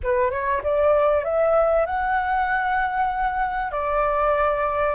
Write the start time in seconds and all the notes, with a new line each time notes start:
0.03 B4
0.30 C#5
0.63 D5
1.24 E5
1.86 F#5
3.71 D5